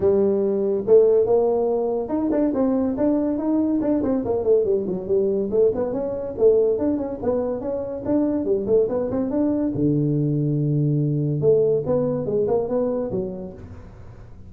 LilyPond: \new Staff \with { instrumentName = "tuba" } { \time 4/4 \tempo 4 = 142 g2 a4 ais4~ | ais4 dis'8 d'8 c'4 d'4 | dis'4 d'8 c'8 ais8 a8 g8 fis8 | g4 a8 b8 cis'4 a4 |
d'8 cis'8 b4 cis'4 d'4 | g8 a8 b8 c'8 d'4 d4~ | d2. a4 | b4 gis8 ais8 b4 fis4 | }